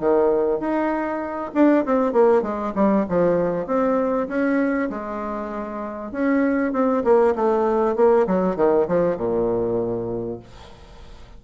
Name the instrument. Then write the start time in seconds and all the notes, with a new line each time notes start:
bassoon
0.00 D#3
0.60 D#4
1.54 D4
1.86 C4
2.13 A#3
2.42 G#3
2.75 G3
3.09 F3
3.67 C4
4.29 C#4
4.90 G#3
6.12 C#4
6.73 C4
7.04 A#3
7.36 A3
7.96 A#3
8.27 F#3
8.57 D#3
8.88 F3
9.17 A#2